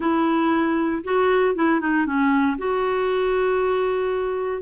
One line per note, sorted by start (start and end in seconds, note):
0.00 1.03 E4
1.04 1.55 F#4
1.55 1.80 E4
1.80 2.06 D#4
2.06 2.57 C#4
2.58 4.62 F#4